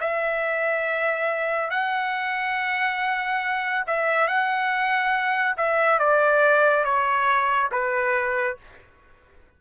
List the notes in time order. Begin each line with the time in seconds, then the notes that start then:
0.00 E5
1.70 F#5
3.87 E5
4.27 F#5
5.57 E5
5.99 D5
6.84 C#5
7.71 B4